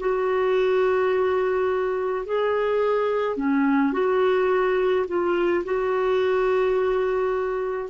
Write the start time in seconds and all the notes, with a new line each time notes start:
0.00 F#4
2.25 G#4
3.37 C#4
3.93 F#4
5.07 F4
5.64 F#4